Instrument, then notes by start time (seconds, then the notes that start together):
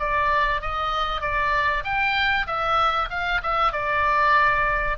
oboe
0.00 D5
0.62 D#5
1.22 D5
1.84 G5
2.47 E5
3.10 F5
3.43 E5
3.73 D5